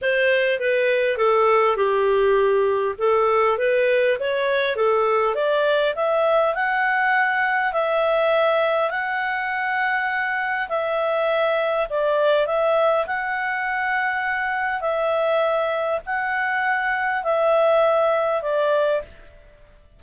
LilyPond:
\new Staff \with { instrumentName = "clarinet" } { \time 4/4 \tempo 4 = 101 c''4 b'4 a'4 g'4~ | g'4 a'4 b'4 cis''4 | a'4 d''4 e''4 fis''4~ | fis''4 e''2 fis''4~ |
fis''2 e''2 | d''4 e''4 fis''2~ | fis''4 e''2 fis''4~ | fis''4 e''2 d''4 | }